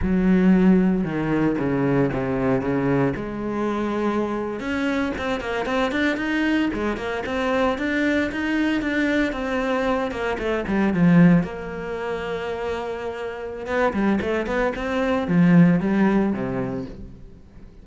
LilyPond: \new Staff \with { instrumentName = "cello" } { \time 4/4 \tempo 4 = 114 fis2 dis4 cis4 | c4 cis4 gis2~ | gis8. cis'4 c'8 ais8 c'8 d'8 dis'16~ | dis'8. gis8 ais8 c'4 d'4 dis'16~ |
dis'8. d'4 c'4. ais8 a16~ | a16 g8 f4 ais2~ ais16~ | ais2 b8 g8 a8 b8 | c'4 f4 g4 c4 | }